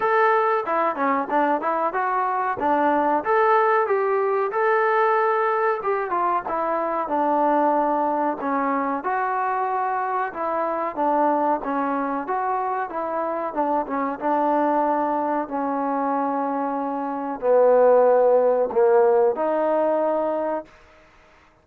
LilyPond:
\new Staff \with { instrumentName = "trombone" } { \time 4/4 \tempo 4 = 93 a'4 e'8 cis'8 d'8 e'8 fis'4 | d'4 a'4 g'4 a'4~ | a'4 g'8 f'8 e'4 d'4~ | d'4 cis'4 fis'2 |
e'4 d'4 cis'4 fis'4 | e'4 d'8 cis'8 d'2 | cis'2. b4~ | b4 ais4 dis'2 | }